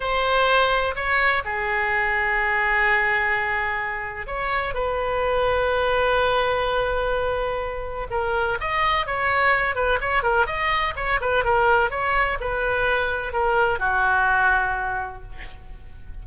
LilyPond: \new Staff \with { instrumentName = "oboe" } { \time 4/4 \tempo 4 = 126 c''2 cis''4 gis'4~ | gis'1~ | gis'4 cis''4 b'2~ | b'1~ |
b'4 ais'4 dis''4 cis''4~ | cis''8 b'8 cis''8 ais'8 dis''4 cis''8 b'8 | ais'4 cis''4 b'2 | ais'4 fis'2. | }